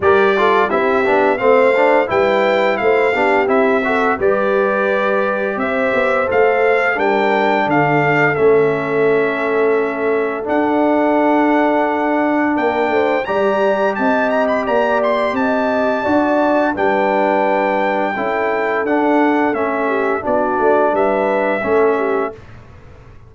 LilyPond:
<<
  \new Staff \with { instrumentName = "trumpet" } { \time 4/4 \tempo 4 = 86 d''4 e''4 f''4 g''4 | f''4 e''4 d''2 | e''4 f''4 g''4 f''4 | e''2. fis''4~ |
fis''2 g''4 ais''4 | a''8 ais''16 b''16 ais''8 c'''8 a''2 | g''2. fis''4 | e''4 d''4 e''2 | }
  \new Staff \with { instrumentName = "horn" } { \time 4/4 ais'8 a'8 g'4 c''4 b'4 | c''8 g'4 a'8 b'2 | c''2 ais'4 a'4~ | a'1~ |
a'2 ais'8 c''8 d''4 | dis''4 d''4 dis''4 d''4 | b'2 a'2~ | a'8 g'8 fis'4 b'4 a'8 g'8 | }
  \new Staff \with { instrumentName = "trombone" } { \time 4/4 g'8 f'8 e'8 d'8 c'8 d'8 e'4~ | e'8 d'8 e'8 fis'8 g'2~ | g'4 a'4 d'2 | cis'2. d'4~ |
d'2. g'4~ | g'2. fis'4 | d'2 e'4 d'4 | cis'4 d'2 cis'4 | }
  \new Staff \with { instrumentName = "tuba" } { \time 4/4 g4 c'8 b8 a4 g4 | a8 b8 c'4 g2 | c'8 b8 a4 g4 d4 | a2. d'4~ |
d'2 ais8 a8 g4 | c'4 ais4 c'4 d'4 | g2 cis'4 d'4 | a4 b8 a8 g4 a4 | }
>>